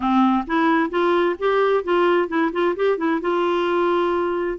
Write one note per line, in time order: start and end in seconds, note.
0.00 0.45 C4
0.46 0.90 E4
0.90 1.36 F4
1.39 1.84 G4
1.84 2.28 F4
2.28 2.51 E4
2.52 2.75 F4
2.75 2.97 G4
2.97 3.20 E4
3.21 4.58 F4